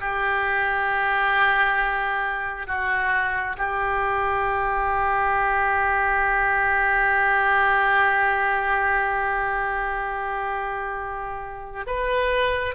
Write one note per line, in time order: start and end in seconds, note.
0.00 2.67 G4
2.67 3.57 F#4
3.57 11.86 G4
11.87 12.75 B4